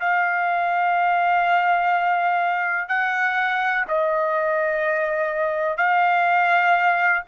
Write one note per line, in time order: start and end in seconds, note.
0.00 2.89 F5
2.89 3.85 F#5
3.88 5.77 D#5
5.77 7.22 F5